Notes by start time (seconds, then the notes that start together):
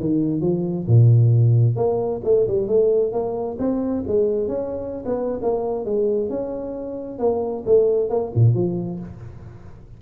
0.00 D#3
0.41 F3
0.87 A#2
1.76 A#3
2.24 A3
2.47 G3
2.68 A3
3.12 A#3
3.59 C4
4.07 G#3
4.48 C#4
5.06 B3
5.42 A#3
5.85 G#3
6.30 C#4
7.19 A#3
7.66 A3
8.09 A#3
8.35 A#2
8.54 F3